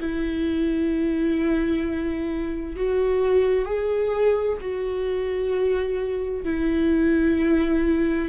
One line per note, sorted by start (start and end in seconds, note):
0.00 2.76 E4
2.76 3.65 F#4
3.65 4.58 G#4
4.61 6.44 F#4
6.44 8.29 E4